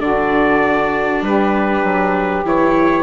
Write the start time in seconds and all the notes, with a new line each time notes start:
0.00 D3 D4 F#4 D5
1.22 G3 G4 B4
1.84 F#3
2.45 E3 E4 C#5